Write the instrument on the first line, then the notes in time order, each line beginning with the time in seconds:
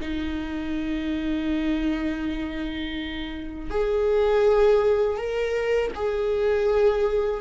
viola
0.00 D#4
3.70 G#4
5.17 A#4
5.95 G#4